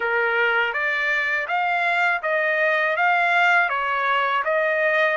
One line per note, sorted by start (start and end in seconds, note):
0.00 0.73 A#4
0.73 1.47 D5
1.47 2.21 F5
2.22 2.96 D#5
2.96 3.69 F5
3.69 4.43 C#5
4.44 5.17 D#5